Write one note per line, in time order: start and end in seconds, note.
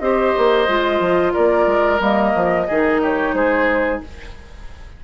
0.00 0.34 C4
0.00 0.68 G4
0.00 1.34 C5
0.00 1.33 D#5
0.38 0.68 A#3
0.68 1.00 G#3
0.68 1.99 F4
1.00 1.33 F3
1.34 1.67 A#3
1.34 2.67 A#4
1.34 2.01 D5
1.67 2.00 G#3
1.99 2.34 G3
1.99 2.66 A#3
1.99 3.02 D#5
2.35 2.68 F3
2.68 3.34 D#3
2.68 4.04 D#4
2.68 3.01 G#4
3.02 3.36 G4
3.02 3.35 C#5
3.34 4.00 G#3
3.34 4.03 G#4
3.34 4.01 C5